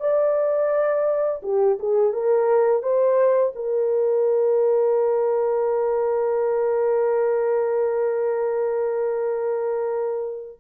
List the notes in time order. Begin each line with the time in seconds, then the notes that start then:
0.00 D5
1.43 G4
1.79 G#4
2.13 A#4
2.82 C5
3.55 A#4